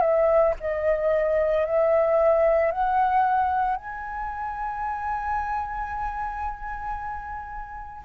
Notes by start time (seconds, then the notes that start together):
0.00 E5
0.60 D#5
1.65 E5
2.72 F#5
3.76 G#5